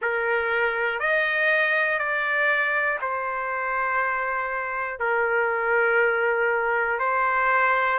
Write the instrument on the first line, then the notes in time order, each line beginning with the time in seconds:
trumpet
0.01 A#4
0.99 D#5
1.98 D5
3.00 C5
4.99 A#4
6.99 C5